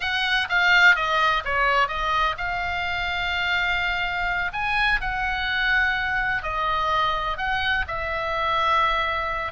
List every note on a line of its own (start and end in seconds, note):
0.00 0.48 F#5
0.49 0.95 F5
0.95 1.43 D#5
1.44 1.87 C#5
1.87 2.35 D#5
2.37 4.52 F5
4.52 5.00 G#5
5.00 6.42 F#5
6.42 7.37 D#5
7.37 7.85 F#5
7.87 9.52 E5